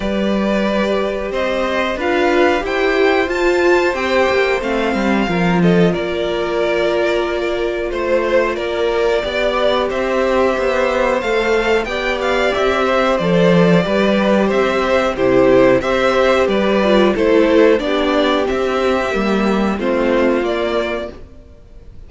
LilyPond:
<<
  \new Staff \with { instrumentName = "violin" } { \time 4/4 \tempo 4 = 91 d''2 dis''4 f''4 | g''4 a''4 g''4 f''4~ | f''8 dis''8 d''2. | c''4 d''2 e''4~ |
e''4 f''4 g''8 f''8 e''4 | d''2 e''4 c''4 | e''4 d''4 c''4 d''4 | e''2 c''4 d''4 | }
  \new Staff \with { instrumentName = "violin" } { \time 4/4 b'2 c''4 b'4 | c''1 | ais'8 a'8 ais'2. | c''4 ais'4 d''4 c''4~ |
c''2 d''4. c''8~ | c''4 b'4 c''4 g'4 | c''4 b'4 a'4 g'4~ | g'2 f'2 | }
  \new Staff \with { instrumentName = "viola" } { \time 4/4 g'2. f'4 | g'4 f'4 g'4 c'4 | f'1~ | f'2 g'2~ |
g'4 a'4 g'2 | a'4 g'2 e'4 | g'4. f'8 e'4 d'4 | c'4 ais4 c'4 ais4 | }
  \new Staff \with { instrumentName = "cello" } { \time 4/4 g2 c'4 d'4 | e'4 f'4 c'8 ais8 a8 g8 | f4 ais2. | a4 ais4 b4 c'4 |
b4 a4 b4 c'4 | f4 g4 c'4 c4 | c'4 g4 a4 b4 | c'4 g4 a4 ais4 | }
>>